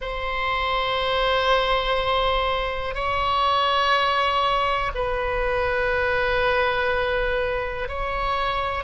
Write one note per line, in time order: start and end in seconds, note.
0.00 2.94 C5
2.94 4.91 C#5
4.94 7.88 B4
7.88 8.83 C#5